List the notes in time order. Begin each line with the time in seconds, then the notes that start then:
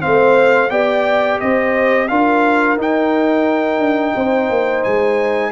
0.00 A3 C4 C5 F5
0.70 B3 G4 D5 G5
1.40 C4 C5 D#5
2.08 D4 F4 A#4 F5
2.77 D#4 G5
3.79 D4
4.15 C4 C5
4.49 A#3
4.83 G#3 G#5